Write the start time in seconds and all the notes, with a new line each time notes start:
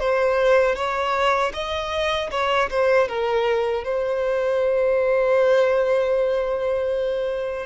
0.00 C5
0.76 C#5
1.53 D#5
2.31 C#5
2.71 C5
3.08 A#4
3.84 C5